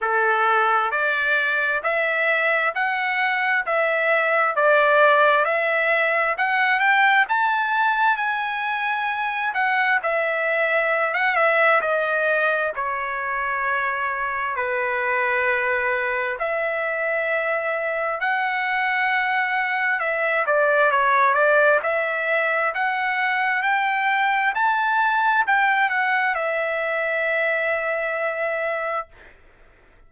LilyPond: \new Staff \with { instrumentName = "trumpet" } { \time 4/4 \tempo 4 = 66 a'4 d''4 e''4 fis''4 | e''4 d''4 e''4 fis''8 g''8 | a''4 gis''4. fis''8 e''4~ | e''16 fis''16 e''8 dis''4 cis''2 |
b'2 e''2 | fis''2 e''8 d''8 cis''8 d''8 | e''4 fis''4 g''4 a''4 | g''8 fis''8 e''2. | }